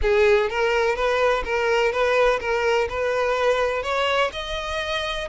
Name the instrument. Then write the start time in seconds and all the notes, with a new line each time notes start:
violin
0.02 G#4
0.49 A#4
0.95 B4
1.44 A#4
1.91 B4
2.40 A#4
2.89 B4
3.82 C#5
4.32 D#5